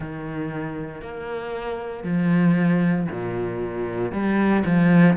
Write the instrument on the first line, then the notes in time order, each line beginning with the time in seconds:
cello
0.00 D#3
1.01 A#3
2.03 F3
3.11 A#2
4.11 G3
4.65 F3